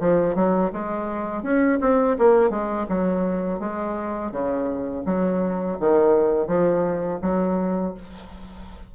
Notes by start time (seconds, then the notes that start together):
0.00 F3
0.35 F#3
0.73 G#3
1.43 C#4
1.81 C4
2.19 A#3
2.50 G#3
2.89 F#3
3.60 G#3
4.32 C#3
5.06 F#3
5.80 D#3
6.47 F3
7.22 F#3